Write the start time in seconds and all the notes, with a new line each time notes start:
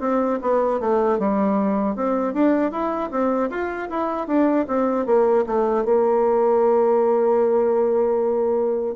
0.00 C4
0.42 B3
0.80 A3
1.19 G3
1.96 C4
2.33 D4
2.71 E4
3.11 C4
3.50 F4
3.90 E4
4.27 D4
4.68 C4
5.06 A#3
5.47 A3
5.85 A#3